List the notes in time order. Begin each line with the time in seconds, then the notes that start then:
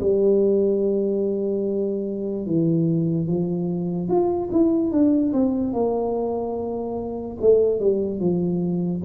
0.00 G3
2.46 E3
3.27 F3
4.08 F4
4.52 E4
4.91 D4
5.33 C4
5.73 A#3
7.40 A3
7.80 G3
8.20 F3